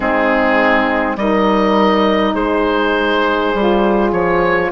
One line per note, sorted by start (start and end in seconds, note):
0.00 1.15 G#3
0.00 1.17 C4
0.00 1.17 D#4
0.00 1.16 G#4
1.15 2.33 G3
1.15 3.54 D#4
1.15 2.33 A#4
1.15 2.35 D#5
2.33 3.52 G#3
2.33 4.69 G#4
2.33 4.11 C5
3.53 4.12 G3
3.53 4.71 F4
4.12 4.71 F3
4.12 4.70 C#5